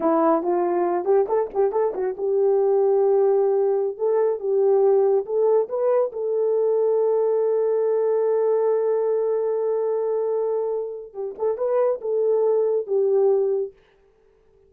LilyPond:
\new Staff \with { instrumentName = "horn" } { \time 4/4 \tempo 4 = 140 e'4 f'4. g'8 a'8 g'8 | a'8 fis'8 g'2.~ | g'4~ g'16 a'4 g'4.~ g'16~ | g'16 a'4 b'4 a'4.~ a'16~ |
a'1~ | a'1~ | a'2 g'8 a'8 b'4 | a'2 g'2 | }